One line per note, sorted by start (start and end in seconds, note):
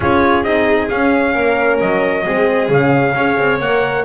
0.00 0.44 C#4
0.00 0.45 F4
0.00 1.33 G#4
0.00 0.43 C#5
0.43 0.89 C4
0.43 0.90 D#4
0.43 0.88 D#5
0.89 1.35 C#4
0.89 2.25 C#4
0.89 1.79 F5
1.33 1.80 A#3
1.33 2.23 A#4
1.80 2.26 F#3
1.80 2.70 D#5
2.25 2.68 G#3
2.25 2.70 C4
2.25 3.15 G#4
2.68 3.14 C#3
2.68 3.15 C#4
2.68 3.60 F5
3.15 3.37 C#4
3.15 3.60 G#4
3.15 4.04 C#5
3.38 3.59 C4
3.59 4.04 A#3
3.59 4.04 A#4
3.59 4.04 F#5